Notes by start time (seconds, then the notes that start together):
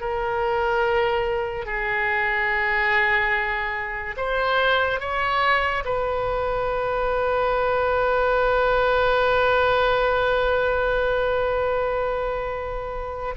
0.00 A#4
1.65 G#4
4.16 C5
5.00 C#5
5.84 B4